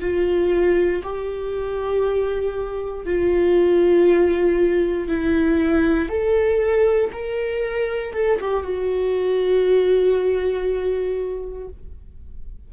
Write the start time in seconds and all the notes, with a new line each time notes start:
0.00 F4
1.03 G4
3.05 F4
5.08 E4
6.09 A4
7.12 A#4
8.14 A4
8.40 G4
8.63 F#4